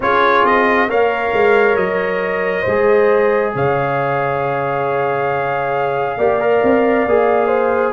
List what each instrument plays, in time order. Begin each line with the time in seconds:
0.00 tuba C#4, trombone F4, horn G#4, trumpet C#5
0.44 tuba C4, trumpet D#5
0.88 tuba A#3, trombone A#4, horn C#5, trumpet F5
1.33 tuba G#3
1.76 tuba F#3, trumpet D#5
2.61 tuba G#3, horn C5
2.68 trombone G#4
3.54 tuba C#3, horn C#5, trumpet F5
6.17 tuba A#3, trombone G4, horn D5
6.40 trombone A#4
6.63 tuba C4
7.05 tuba A#3, trombone G#4
7.47 horn C5